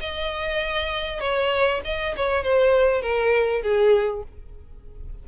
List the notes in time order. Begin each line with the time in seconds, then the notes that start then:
0.00 D#5
1.20 C#5
1.84 D#5
2.16 C#5
2.43 C5
3.01 A#4
3.62 G#4